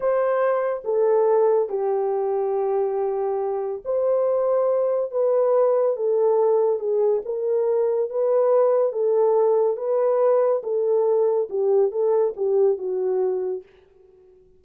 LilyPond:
\new Staff \with { instrumentName = "horn" } { \time 4/4 \tempo 4 = 141 c''2 a'2 | g'1~ | g'4 c''2. | b'2 a'2 |
gis'4 ais'2 b'4~ | b'4 a'2 b'4~ | b'4 a'2 g'4 | a'4 g'4 fis'2 | }